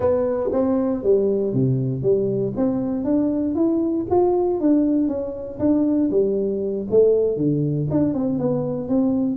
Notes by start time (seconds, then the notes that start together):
0.00 B3
0.52 C4
1.03 G3
1.53 C3
2.02 G3
2.56 C4
3.04 D4
3.55 E4
4.10 F4
4.60 D4
5.07 C#4
5.59 D4
6.10 G3
6.90 A3
7.36 D3
7.90 D4
8.14 C4
8.39 B3
8.88 C4